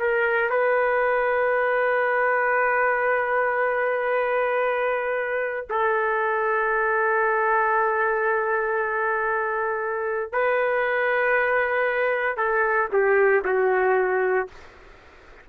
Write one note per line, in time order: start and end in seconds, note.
0.00 0.51 A#4
0.51 5.68 B4
5.70 10.33 A4
10.33 12.38 B4
12.38 12.89 A4
12.93 13.44 G4
13.45 14.48 F#4